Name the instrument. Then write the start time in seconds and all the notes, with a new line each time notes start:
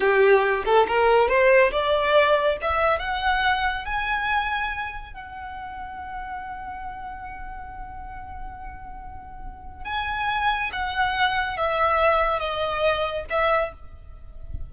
violin
0.00 G4
0.65 A4
0.87 A#4
1.28 C5
1.71 D5
2.61 E5
2.99 F#5
3.85 G#5
5.13 F#5
9.85 G#5
10.72 F#5
11.57 E5
12.39 D#5
13.30 E5